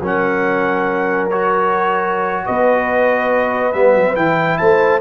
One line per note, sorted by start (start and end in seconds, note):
0.00 2.45 F#3
0.00 1.30 C#4
0.00 2.45 A#4
0.00 1.29 F#5
1.29 3.73 F#4
1.29 2.46 C#5
2.45 3.74 B3
2.45 4.58 B4
2.45 3.72 D#5
3.72 3.95 G3
3.72 4.15 B3
3.72 4.15 E5
3.95 4.16 F#3
4.15 4.58 E3
4.15 5.01 E4
4.15 4.57 G5
4.57 5.01 A3
4.57 5.01 C5
4.57 5.00 A5